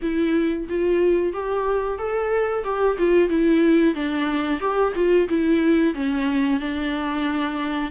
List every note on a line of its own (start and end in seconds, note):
0.01 0.67 E4
0.68 1.33 F4
1.33 1.98 G4
1.98 2.64 A4
2.64 2.97 G4
2.98 3.29 F4
3.29 3.94 E4
3.94 4.60 D4
4.60 4.93 G4
4.95 5.28 F4
5.29 5.94 E4
5.94 6.59 C#4
6.59 7.91 D4